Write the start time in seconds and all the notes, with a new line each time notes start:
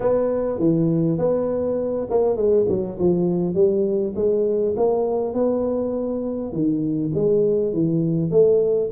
0.00 B3
0.59 E3
1.18 B3
2.10 A#3
2.36 G#3
2.68 F#3
2.99 F3
3.54 G3
4.15 G#3
4.77 A#3
5.33 B3
6.52 D#3
7.14 G#3
7.73 E3
8.31 A3